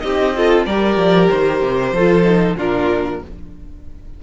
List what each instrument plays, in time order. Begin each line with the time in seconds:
0.00 cello C4, viola D#4, violin G4 D#5
0.36 viola F4, violin A4
0.66 cello G3, viola G4, violin A#4 D5
0.97 cello F3
1.29 cello D#3, violin C5
1.62 cello C3
1.92 cello F3, viola F4, violin A4
2.24 viola D#4
2.57 cello A#2, viola D4, violin F4 A#4